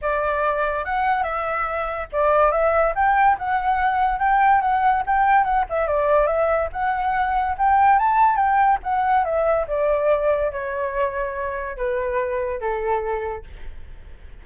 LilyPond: \new Staff \with { instrumentName = "flute" } { \time 4/4 \tempo 4 = 143 d''2 fis''4 e''4~ | e''4 d''4 e''4 g''4 | fis''2 g''4 fis''4 | g''4 fis''8 e''8 d''4 e''4 |
fis''2 g''4 a''4 | g''4 fis''4 e''4 d''4~ | d''4 cis''2. | b'2 a'2 | }